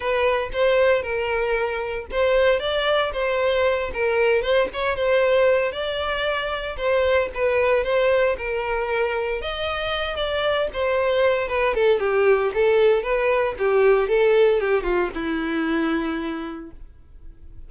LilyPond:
\new Staff \with { instrumentName = "violin" } { \time 4/4 \tempo 4 = 115 b'4 c''4 ais'2 | c''4 d''4 c''4. ais'8~ | ais'8 c''8 cis''8 c''4. d''4~ | d''4 c''4 b'4 c''4 |
ais'2 dis''4. d''8~ | d''8 c''4. b'8 a'8 g'4 | a'4 b'4 g'4 a'4 | g'8 f'8 e'2. | }